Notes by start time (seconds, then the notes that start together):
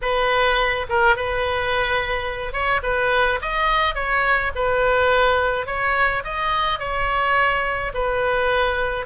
0.01 B4
0.89 A#4
1.16 B4
2.52 C#5
2.83 B4
3.41 D#5
3.95 C#5
4.55 B4
5.66 C#5
6.24 D#5
6.79 C#5
7.94 B4